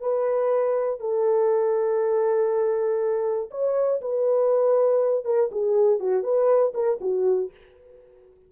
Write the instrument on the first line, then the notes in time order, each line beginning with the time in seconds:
horn
0.00 B4
1.00 A4
3.50 C#5
4.01 B4
5.25 A#4
5.51 G#4
5.99 F#4
6.23 B4
6.74 A#4
7.00 F#4